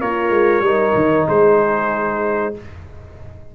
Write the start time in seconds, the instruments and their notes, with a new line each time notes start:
0.00 tuba A#3, horn F4, trombone A#4, trumpet C#5
0.30 tuba G#3
0.60 tuba G3, trombone D#4, horn A#4
0.94 tuba D#3
1.27 tuba G#3, horn G#4, trumpet C5